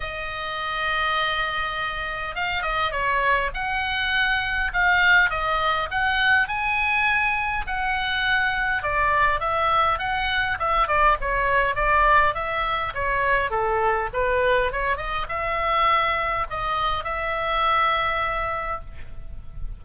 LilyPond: \new Staff \with { instrumentName = "oboe" } { \time 4/4 \tempo 4 = 102 dis''1 | f''8 dis''8 cis''4 fis''2 | f''4 dis''4 fis''4 gis''4~ | gis''4 fis''2 d''4 |
e''4 fis''4 e''8 d''8 cis''4 | d''4 e''4 cis''4 a'4 | b'4 cis''8 dis''8 e''2 | dis''4 e''2. | }